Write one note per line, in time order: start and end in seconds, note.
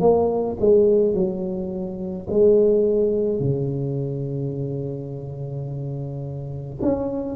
0.00 0.57 A#3
0.60 1.14 G#3
1.14 2.27 F#3
2.30 3.40 G#3
3.40 6.79 C#3
6.81 7.35 C#4